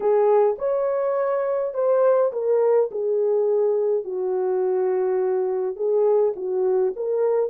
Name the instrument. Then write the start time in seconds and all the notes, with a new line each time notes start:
horn
0.00 G#4
0.58 C#5
1.74 C5
2.32 A#4
2.91 G#4
4.04 F#4
5.76 G#4
6.36 F#4
6.95 A#4